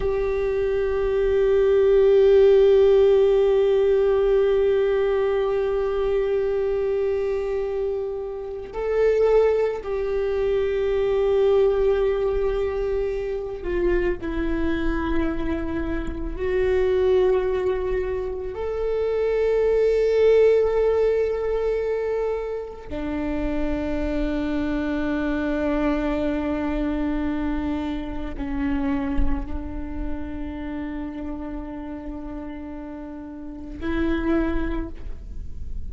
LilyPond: \new Staff \with { instrumentName = "viola" } { \time 4/4 \tempo 4 = 55 g'1~ | g'1 | a'4 g'2.~ | g'8 f'8 e'2 fis'4~ |
fis'4 a'2.~ | a'4 d'2.~ | d'2 cis'4 d'4~ | d'2. e'4 | }